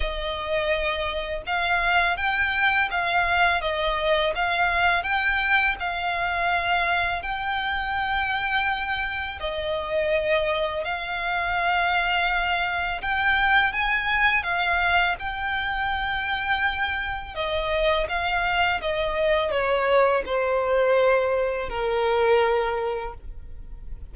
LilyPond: \new Staff \with { instrumentName = "violin" } { \time 4/4 \tempo 4 = 83 dis''2 f''4 g''4 | f''4 dis''4 f''4 g''4 | f''2 g''2~ | g''4 dis''2 f''4~ |
f''2 g''4 gis''4 | f''4 g''2. | dis''4 f''4 dis''4 cis''4 | c''2 ais'2 | }